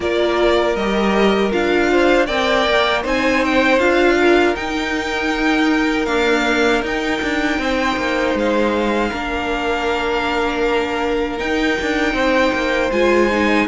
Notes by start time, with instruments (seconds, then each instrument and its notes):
0.00 cello A#3, viola F4, violin A#4 D5
0.75 cello G3, viola G4, violin D#5
1.51 cello D4, viola F4, violin F5
1.91 violin C5
2.26 cello C4, viola A#4, violin D5 G5
2.66 cello A#3
3.01 cello C4, viola D#4, violin C5 G#5
3.44 violin G5
3.79 cello D4, viola F4, violin F5
4.20 violin A#4
4.55 viola D#4, cello D#4, violin G5
6.05 viola A#3, cello D4, violin F5
6.82 cello D#4, viola D#4, violin G5
7.22 cello D4
7.58 cello C4, violin C5
7.97 cello A#3
8.34 cello G#3, violin F5
9.10 cello A#3, viola D4, violin A#4
11.38 viola D#4, cello D#4, violin G5
11.81 cello D4
12.13 cello C4, violin C5
12.52 cello A#3
12.91 cello G#3, viola F4, violin G#5
13.31 viola D#4